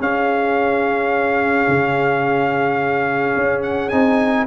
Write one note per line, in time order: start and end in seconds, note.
0.00 1.67 C#4
0.00 3.91 C#4
0.00 4.47 G#4
0.00 3.62 F5
1.67 3.36 C#3
3.36 3.92 C#4
3.62 3.89 F#5
3.89 4.47 C4
3.89 4.47 D#4
3.89 4.45 G#5